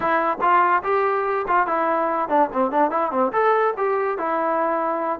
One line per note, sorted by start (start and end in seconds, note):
0.00 0.37 E4
0.41 0.83 F4
0.83 1.45 G4
1.47 1.66 F4
1.66 2.28 E4
2.28 2.49 D4
2.52 2.71 C4
2.71 2.90 D4
2.90 3.11 E4
3.11 3.32 C4
3.32 3.74 A4
3.77 4.18 G4
4.18 5.19 E4